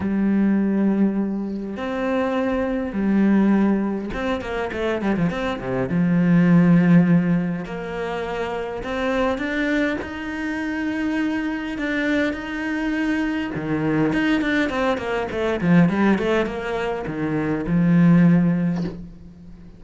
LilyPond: \new Staff \with { instrumentName = "cello" } { \time 4/4 \tempo 4 = 102 g2. c'4~ | c'4 g2 c'8 ais8 | a8 g16 f16 c'8 c8 f2~ | f4 ais2 c'4 |
d'4 dis'2. | d'4 dis'2 dis4 | dis'8 d'8 c'8 ais8 a8 f8 g8 a8 | ais4 dis4 f2 | }